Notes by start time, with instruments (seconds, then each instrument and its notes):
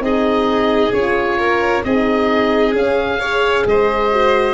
0.00 tuba C4, horn D#4, violin G#4, oboe D#5
0.92 tuba C#4, horn F4, oboe C#5
1.37 violin A#4
1.84 tuba C4, horn D#4, violin G#4, oboe D#5
2.73 tuba C#4, horn C#4, oboe F5
3.19 horn G#4, violin C#5
3.66 tuba G#3, violin C5, oboe D#5
4.12 horn F#4